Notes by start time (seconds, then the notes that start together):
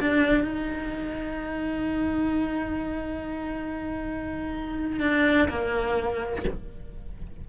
0.00 D4
0.44 D#4
5.00 D4
5.49 A#3